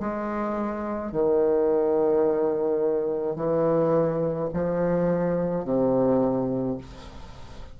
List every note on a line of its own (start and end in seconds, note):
0.00 1.12 G#3
1.12 3.36 D#3
3.36 4.49 E3
4.53 5.65 F3
5.65 6.78 C3